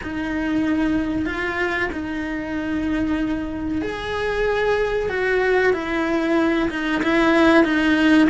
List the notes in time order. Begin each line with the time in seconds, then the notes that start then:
0.03 D#4
1.25 F4
1.92 D#4
3.81 G#4
5.09 F#4
5.73 E4
6.70 D#4
7.02 E4
7.64 D#4